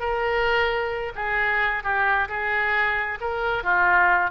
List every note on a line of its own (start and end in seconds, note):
0.00 1.13 A#4
1.16 1.83 G#4
1.83 2.28 G4
2.29 3.19 G#4
3.21 3.64 A#4
3.64 4.31 F4